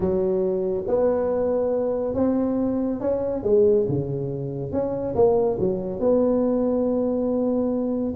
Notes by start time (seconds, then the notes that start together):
0.00 F#3
0.87 B3
2.14 C4
3.00 C#4
3.43 G#3
3.88 C#3
4.72 C#4
5.15 A#3
5.59 F#3
5.99 B3